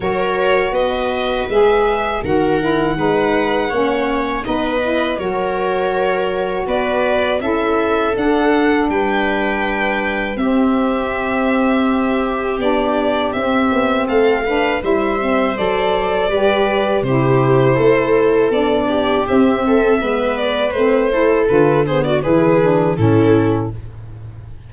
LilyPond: <<
  \new Staff \with { instrumentName = "violin" } { \time 4/4 \tempo 4 = 81 cis''4 dis''4 e''4 fis''4~ | fis''2 dis''4 cis''4~ | cis''4 d''4 e''4 fis''4 | g''2 e''2~ |
e''4 d''4 e''4 f''4 | e''4 d''2 c''4~ | c''4 d''4 e''4. d''8 | c''4 b'8 c''16 d''16 b'4 a'4 | }
  \new Staff \with { instrumentName = "viola" } { \time 4/4 ais'4 b'2 ais'4 | b'4 cis''4 b'4 ais'4~ | ais'4 b'4 a'2 | b'2 g'2~ |
g'2. a'8 b'8 | c''2 b'4 g'4 | a'4. g'4 a'8 b'4~ | b'8 a'4 gis'16 fis'16 gis'4 e'4 | }
  \new Staff \with { instrumentName = "saxophone" } { \time 4/4 fis'2 gis'4 fis'8 e'8 | dis'4 cis'4 dis'8 e'8 fis'4~ | fis'2 e'4 d'4~ | d'2 c'2~ |
c'4 d'4 c'4. d'8 | e'8 c'8 a'4 g'4 e'4~ | e'4 d'4 c'4 b4 | c'8 e'8 f'8 b8 e'8 d'8 cis'4 | }
  \new Staff \with { instrumentName = "tuba" } { \time 4/4 fis4 b4 gis4 dis4 | gis4 ais4 b4 fis4~ | fis4 b4 cis'4 d'4 | g2 c'2~ |
c'4 b4 c'8 b8 a4 | g4 fis4 g4 c4 | a4 b4 c'4 gis4 | a4 d4 e4 a,4 | }
>>